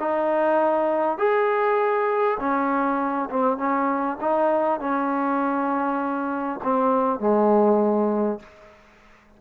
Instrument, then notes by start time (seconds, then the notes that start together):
trombone
0.00 D#4
1.18 G#4
2.39 C#4
3.30 C4
3.58 C#4
4.21 D#4
4.80 C#4
6.63 C4
7.19 G#3